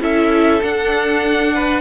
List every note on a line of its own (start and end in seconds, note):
0.00 0.61 C#4
0.00 0.61 E4
0.00 1.53 A4
0.00 0.62 E5
0.61 1.81 D4
0.61 1.81 F#5
1.54 1.81 B4